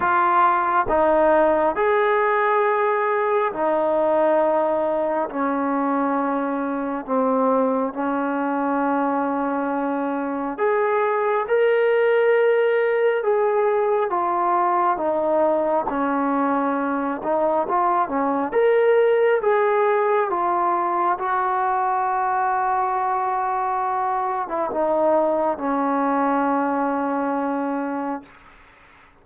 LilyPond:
\new Staff \with { instrumentName = "trombone" } { \time 4/4 \tempo 4 = 68 f'4 dis'4 gis'2 | dis'2 cis'2 | c'4 cis'2. | gis'4 ais'2 gis'4 |
f'4 dis'4 cis'4. dis'8 | f'8 cis'8 ais'4 gis'4 f'4 | fis'2.~ fis'8. e'16 | dis'4 cis'2. | }